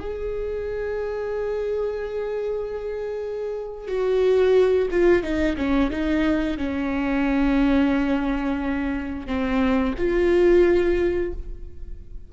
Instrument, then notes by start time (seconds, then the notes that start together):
viola
0.00 G#4
3.88 F#4
4.91 F4
5.23 D#4
5.57 C#4
5.91 D#4
6.58 C#4
9.27 C4
9.98 F4